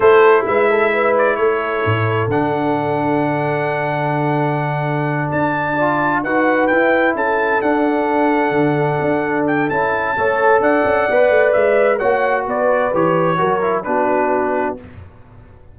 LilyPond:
<<
  \new Staff \with { instrumentName = "trumpet" } { \time 4/4 \tempo 4 = 130 c''4 e''4. d''8 cis''4~ | cis''4 fis''2.~ | fis''2.~ fis''8 a''8~ | a''4. fis''4 g''4 a''8~ |
a''8 fis''2.~ fis''8~ | fis''8 g''8 a''2 fis''4~ | fis''4 e''4 fis''4 d''4 | cis''2 b'2 | }
  \new Staff \with { instrumentName = "horn" } { \time 4/4 a'4 b'8 a'8 b'4 a'4~ | a'1~ | a'1~ | a'8 d''4 b'2 a'8~ |
a'1~ | a'2 cis''4 d''4~ | d''2 cis''4 b'4~ | b'4 ais'4 fis'2 | }
  \new Staff \with { instrumentName = "trombone" } { \time 4/4 e'1~ | e'4 d'2.~ | d'1~ | d'8 f'4 fis'4 e'4.~ |
e'8 d'2.~ d'8~ | d'4 e'4 a'2 | b'2 fis'2 | g'4 fis'8 e'8 d'2 | }
  \new Staff \with { instrumentName = "tuba" } { \time 4/4 a4 gis2 a4 | a,4 d2.~ | d2.~ d8 d'8~ | d'4. dis'4 e'4 cis'8~ |
cis'8 d'2 d4 d'8~ | d'4 cis'4 a4 d'8 cis'8 | b8 a8 gis4 ais4 b4 | e4 fis4 b2 | }
>>